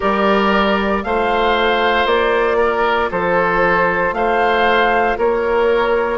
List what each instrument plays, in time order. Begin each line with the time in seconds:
0.00 bassoon G3, clarinet G4, oboe A#4, flute D5
1.03 bassoon A3, clarinet F4, oboe C5, flute F5
2.05 bassoon A#3, flute D5
2.57 oboe A#4
3.11 bassoon F3, oboe A4, flute C5
4.12 bassoon A3, oboe C5, flute F5
5.18 bassoon A#3, oboe A#4, flute C#5